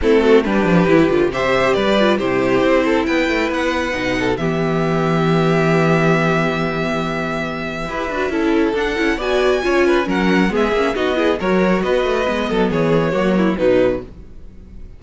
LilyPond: <<
  \new Staff \with { instrumentName = "violin" } { \time 4/4 \tempo 4 = 137 a'4 b'2 e''4 | d''4 c''2 g''4 | fis''2 e''2~ | e''1~ |
e''1 | fis''4 gis''2 fis''4 | e''4 dis''4 cis''4 dis''4~ | dis''4 cis''2 b'4 | }
  \new Staff \with { instrumentName = "violin" } { \time 4/4 e'8 fis'8 g'2 c''4 | b'4 g'4. a'8 b'4~ | b'4. a'8 g'2~ | g'1~ |
g'2 b'4 a'4~ | a'4 d''4 cis''8 b'8 ais'4 | gis'4 fis'8 gis'8 ais'4 b'4~ | b'8 a'8 gis'4 fis'8 e'8 dis'4 | }
  \new Staff \with { instrumentName = "viola" } { \time 4/4 c'4 d'4 e'8 f'8 g'4~ | g'8 f'8 e'2.~ | e'4 dis'4 b2~ | b1~ |
b2 g'8 fis'8 e'4 | d'8 e'8 fis'4 f'4 cis'4 | b8 cis'8 dis'8 e'8 fis'2 | b2 ais4 fis4 | }
  \new Staff \with { instrumentName = "cello" } { \time 4/4 a4 g8 f8 e8 d8 c4 | g4 c4 c'4 b8 a8 | b4 b,4 e2~ | e1~ |
e2 e'8 d'8 cis'4 | d'8 cis'8 b4 cis'4 fis4 | gis8 ais8 b4 fis4 b8 a8 | gis8 fis8 e4 fis4 b,4 | }
>>